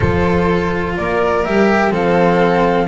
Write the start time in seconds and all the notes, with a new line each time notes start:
0.00 F3 F4 A4 C5
0.96 A#3 A#4 D5
1.44 G3 G4 E5
1.90 F3 C4 A4 F5